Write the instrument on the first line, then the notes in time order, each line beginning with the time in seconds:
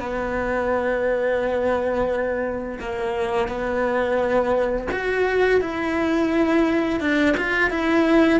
cello
0.00 B3
2.80 A#3
3.48 B3
4.92 F#4
5.61 E4
7.01 D4
7.37 F4
7.70 E4